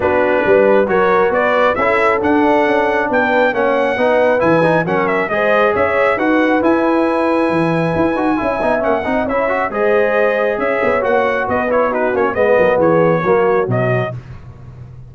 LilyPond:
<<
  \new Staff \with { instrumentName = "trumpet" } { \time 4/4 \tempo 4 = 136 b'2 cis''4 d''4 | e''4 fis''2 g''4 | fis''2 gis''4 fis''8 e''8 | dis''4 e''4 fis''4 gis''4~ |
gis''1 | fis''4 e''4 dis''2 | e''4 fis''4 dis''8 cis''8 b'8 cis''8 | dis''4 cis''2 dis''4 | }
  \new Staff \with { instrumentName = "horn" } { \time 4/4 fis'4 b'4 ais'4 b'4 | a'2. b'4 | cis''4 b'2 ais'4 | c''4 cis''4 b'2~ |
b'2. e''4~ | e''8 dis''8 cis''4 c''2 | cis''2 b'4 fis'4 | b'8 ais'8 gis'4 fis'2 | }
  \new Staff \with { instrumentName = "trombone" } { \time 4/4 d'2 fis'2 | e'4 d'2. | cis'4 dis'4 e'8 dis'8 cis'4 | gis'2 fis'4 e'4~ |
e'2~ e'8 fis'8 e'8 dis'8 | cis'8 dis'8 e'8 fis'8 gis'2~ | gis'4 fis'4. e'8 dis'8 cis'8 | b2 ais4 fis4 | }
  \new Staff \with { instrumentName = "tuba" } { \time 4/4 b4 g4 fis4 b4 | cis'4 d'4 cis'4 b4 | ais4 b4 e4 fis4 | gis4 cis'4 dis'4 e'4~ |
e'4 e4 e'8 dis'8 cis'8 b8 | ais8 c'8 cis'4 gis2 | cis'8 b8 ais4 b4. ais8 | gis8 fis8 e4 fis4 b,4 | }
>>